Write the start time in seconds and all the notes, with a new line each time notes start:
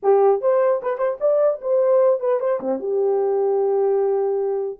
0.02 G4
0.41 C5
0.82 B4
0.97 C5
1.20 D5
1.61 C5
2.19 B4
2.39 C5
2.60 C4
2.79 G4